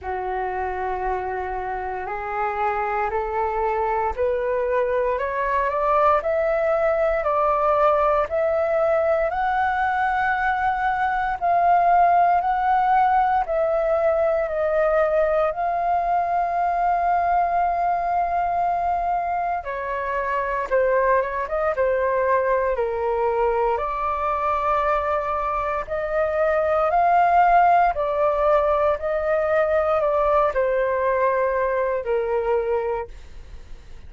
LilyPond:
\new Staff \with { instrumentName = "flute" } { \time 4/4 \tempo 4 = 58 fis'2 gis'4 a'4 | b'4 cis''8 d''8 e''4 d''4 | e''4 fis''2 f''4 | fis''4 e''4 dis''4 f''4~ |
f''2. cis''4 | c''8 cis''16 dis''16 c''4 ais'4 d''4~ | d''4 dis''4 f''4 d''4 | dis''4 d''8 c''4. ais'4 | }